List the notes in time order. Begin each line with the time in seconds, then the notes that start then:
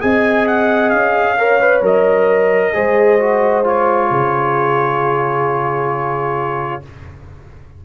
0.00 C4 G#4 D#5 G#5
0.46 F#5
0.89 C#4 F5
1.37 A#4 C#5
1.60 B4
1.81 F#3 A#4 D#5
2.73 G#3 G#4 C5
3.19 F#4
3.64 F4 C#5
4.10 C#3 G#4